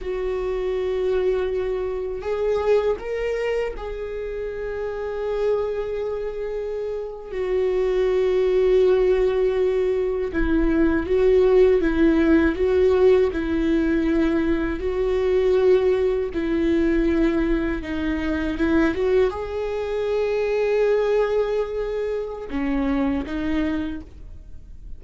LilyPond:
\new Staff \with { instrumentName = "viola" } { \time 4/4 \tempo 4 = 80 fis'2. gis'4 | ais'4 gis'2.~ | gis'4.~ gis'16 fis'2~ fis'16~ | fis'4.~ fis'16 e'4 fis'4 e'16~ |
e'8. fis'4 e'2 fis'16~ | fis'4.~ fis'16 e'2 dis'16~ | dis'8. e'8 fis'8 gis'2~ gis'16~ | gis'2 cis'4 dis'4 | }